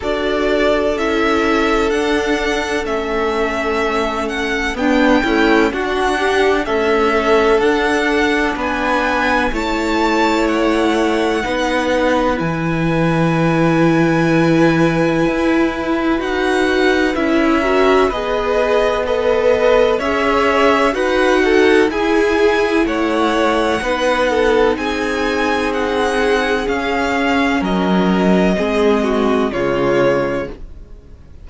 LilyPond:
<<
  \new Staff \with { instrumentName = "violin" } { \time 4/4 \tempo 4 = 63 d''4 e''4 fis''4 e''4~ | e''8 fis''8 g''4 fis''4 e''4 | fis''4 gis''4 a''4 fis''4~ | fis''4 gis''2.~ |
gis''4 fis''4 e''4 dis''4 | b'4 e''4 fis''4 gis''4 | fis''2 gis''4 fis''4 | f''4 dis''2 cis''4 | }
  \new Staff \with { instrumentName = "violin" } { \time 4/4 a'1~ | a'4 d'8 e'8 fis'8 g'8 a'4~ | a'4 b'4 cis''2 | b'1~ |
b'2~ b'8 ais'8 b'4 | dis''4 cis''4 b'8 a'8 gis'4 | cis''4 b'8 a'8 gis'2~ | gis'4 ais'4 gis'8 fis'8 f'4 | }
  \new Staff \with { instrumentName = "viola" } { \time 4/4 fis'4 e'4 d'4 cis'4~ | cis'4 b8 a8 d'4 a4 | d'2 e'2 | dis'4 e'2.~ |
e'4 fis'4 e'8 fis'8 gis'4 | a'4 gis'4 fis'4 e'4~ | e'4 dis'2. | cis'2 c'4 gis4 | }
  \new Staff \with { instrumentName = "cello" } { \time 4/4 d'4 cis'4 d'4 a4~ | a4 b8 cis'8 d'4 cis'4 | d'4 b4 a2 | b4 e2. |
e'4 dis'4 cis'4 b4~ | b4 cis'4 dis'4 e'4 | a4 b4 c'2 | cis'4 fis4 gis4 cis4 | }
>>